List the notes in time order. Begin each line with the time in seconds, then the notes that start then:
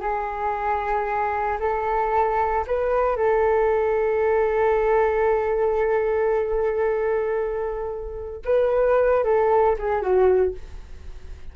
0.00 G#4
1.60 A4
2.67 B4
3.16 A4
8.44 B4
9.24 A4
9.78 G#4
10.01 F#4